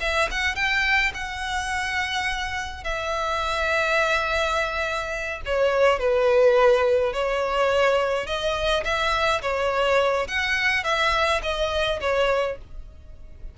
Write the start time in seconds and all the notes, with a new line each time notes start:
0.00 E5
0.31 F#5
0.55 G5
1.14 F#5
2.83 E5
5.45 C#5
5.98 B4
7.13 C#5
8.26 D#5
8.84 E5
9.41 C#5
10.27 F#5
10.84 E5
11.42 D#5
12.00 C#5